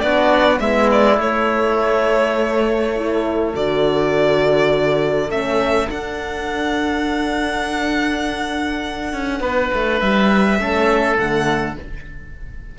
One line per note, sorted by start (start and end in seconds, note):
0.00 0.60 B3
0.00 0.59 D4
0.00 0.61 F#4
0.00 0.59 D5
0.59 1.19 G#3
0.59 1.17 B3
0.59 2.95 E4
0.59 0.89 E5
0.91 1.21 D5
1.17 2.93 A3
1.17 3.54 A3
1.17 3.56 C#5
2.95 3.54 E4
2.95 9.41 A4
3.55 5.30 D3
3.55 5.30 F#4
3.55 5.31 D5
5.30 5.88 A3
5.30 5.88 C#4
5.30 5.90 E5
5.88 10.59 D4
5.88 9.13 D4
5.88 10.00 F#5
9.13 9.41 C#4
9.41 9.70 B3
9.41 10.59 B4
9.74 10.02 A3
10.00 10.59 G3
10.00 11.17 E5
10.59 11.18 A3
10.59 11.17 C#4
10.59 11.79 A4
11.17 11.77 D3
11.17 11.76 A3
11.17 11.77 F#5